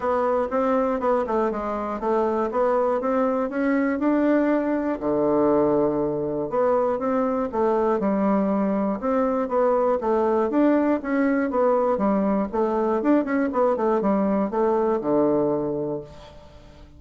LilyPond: \new Staff \with { instrumentName = "bassoon" } { \time 4/4 \tempo 4 = 120 b4 c'4 b8 a8 gis4 | a4 b4 c'4 cis'4 | d'2 d2~ | d4 b4 c'4 a4 |
g2 c'4 b4 | a4 d'4 cis'4 b4 | g4 a4 d'8 cis'8 b8 a8 | g4 a4 d2 | }